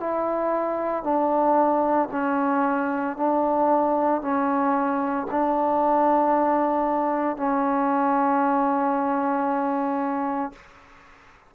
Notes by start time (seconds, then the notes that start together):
0.00 E4
1.03 D4
2.11 C#4
3.16 D4
4.22 C#4
5.31 D4
7.37 C#4